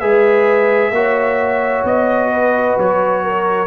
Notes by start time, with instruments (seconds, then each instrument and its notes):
0.00 tuba G#3, trombone G#4, horn B4, trumpet E5
0.91 tuba A#3, trombone F#4, horn C#5
1.84 tuba B3, trumpet D#5
2.32 horn B4
2.78 tuba F#3, trumpet C#5
3.23 horn A#4